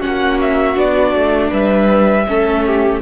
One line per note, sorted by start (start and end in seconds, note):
0.00 0.77 A#3
0.00 0.75 C#4
0.00 1.50 F#4
0.00 0.39 F#5
0.41 0.79 E5
0.75 1.14 B3
0.75 2.25 D4
0.75 1.53 D5
1.14 1.52 A3
1.51 2.28 G3
1.51 2.26 B4
1.51 3.02 E5
2.27 3.02 A3
2.27 3.02 C#4
2.27 2.67 A4
2.67 3.02 G4